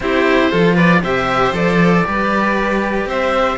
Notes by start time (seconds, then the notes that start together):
0.00 C4 E4 G4 C5
0.51 F3 F4 A4
0.74 B4 D5
1.03 C3 G4 C5 E5
1.52 F3 A4 D5
2.04 G3 G4 B4
3.05 C4 C5 E5